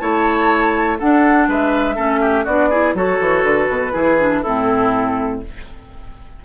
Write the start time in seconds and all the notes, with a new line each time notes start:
0.00 A3 E4 C#5 A5
0.99 D4 A4 F#5
1.48 G#3 B4 E5
1.96 A3 C#4 A4
2.21 G4
2.45 B3 D4 F#4 D5
2.70 E4 G#4
2.94 F#3 F#4 A4 C#5
3.20 E3
3.44 D3 B4
3.69 B2
3.92 E3 E4 G#4
4.19 D4
4.42 A2 C4 E4 A4